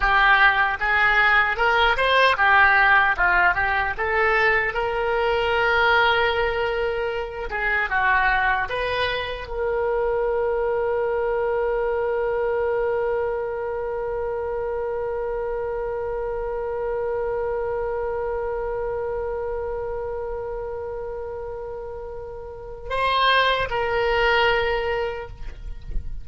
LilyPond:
\new Staff \with { instrumentName = "oboe" } { \time 4/4 \tempo 4 = 76 g'4 gis'4 ais'8 c''8 g'4 | f'8 g'8 a'4 ais'2~ | ais'4. gis'8 fis'4 b'4 | ais'1~ |
ais'1~ | ais'1~ | ais'1~ | ais'4 c''4 ais'2 | }